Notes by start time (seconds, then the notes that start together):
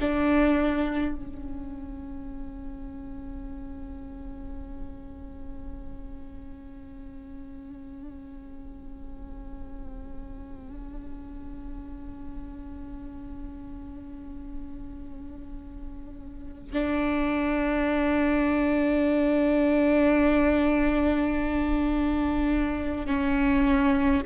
0.00 D4
1.15 C#4
16.73 D4
23.06 C#4